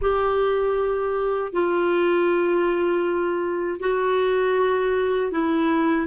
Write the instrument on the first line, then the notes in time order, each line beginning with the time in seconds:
clarinet
0.01 G4
1.52 F4
3.80 F#4
5.31 E4